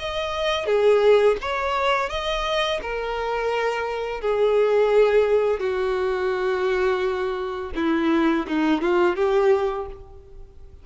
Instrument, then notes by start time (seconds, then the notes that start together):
violin
0.00 D#5
0.67 G#4
1.41 C#5
2.10 D#5
2.82 A#4
4.22 G#4
5.60 F#4
7.76 E4
8.48 D#4
8.82 F4
9.16 G4